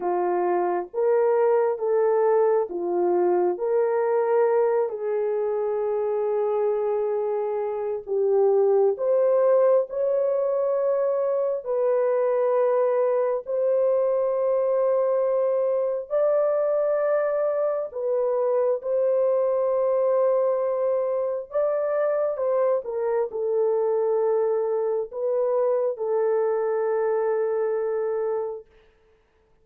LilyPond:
\new Staff \with { instrumentName = "horn" } { \time 4/4 \tempo 4 = 67 f'4 ais'4 a'4 f'4 | ais'4. gis'2~ gis'8~ | gis'4 g'4 c''4 cis''4~ | cis''4 b'2 c''4~ |
c''2 d''2 | b'4 c''2. | d''4 c''8 ais'8 a'2 | b'4 a'2. | }